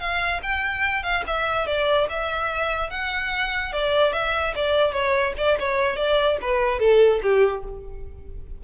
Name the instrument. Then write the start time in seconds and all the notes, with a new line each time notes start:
violin
0.00 F5
0.43 G5
1.03 F5
1.27 E5
1.67 D5
2.10 E5
2.91 F#5
3.73 D5
4.14 E5
4.56 D5
4.93 C#5
5.38 D5
5.60 C#5
5.97 D5
6.42 B4
6.80 A4
7.23 G4